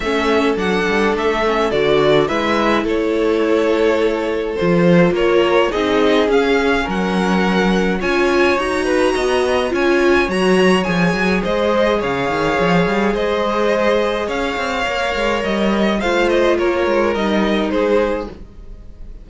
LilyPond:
<<
  \new Staff \with { instrumentName = "violin" } { \time 4/4 \tempo 4 = 105 e''4 fis''4 e''4 d''4 | e''4 cis''2. | c''4 cis''4 dis''4 f''4 | fis''2 gis''4 ais''4~ |
ais''4 gis''4 ais''4 gis''4 | dis''4 f''2 dis''4~ | dis''4 f''2 dis''4 | f''8 dis''8 cis''4 dis''4 c''4 | }
  \new Staff \with { instrumentName = "violin" } { \time 4/4 a'1 | b'4 a'2.~ | a'4 ais'4 gis'2 | ais'2 cis''4. b'8 |
dis''4 cis''2. | c''4 cis''2 c''4~ | c''4 cis''2. | c''4 ais'2 gis'4 | }
  \new Staff \with { instrumentName = "viola" } { \time 4/4 cis'4 d'4. cis'8 fis'4 | e'1 | f'2 dis'4 cis'4~ | cis'2 f'4 fis'4~ |
fis'4 f'4 fis'4 gis'4~ | gis'1~ | gis'2 ais'2 | f'2 dis'2 | }
  \new Staff \with { instrumentName = "cello" } { \time 4/4 a4 fis8 g8 a4 d4 | gis4 a2. | f4 ais4 c'4 cis'4 | fis2 cis'4 dis'4 |
b4 cis'4 fis4 f8 fis8 | gis4 cis8 dis8 f8 g8 gis4~ | gis4 cis'8 c'8 ais8 gis8 g4 | a4 ais8 gis8 g4 gis4 | }
>>